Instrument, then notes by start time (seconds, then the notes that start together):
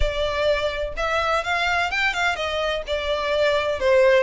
violin
0.00 D5
0.96 E5
1.43 F5
1.90 G5
2.13 F5
2.35 D#5
2.86 D5
3.79 C5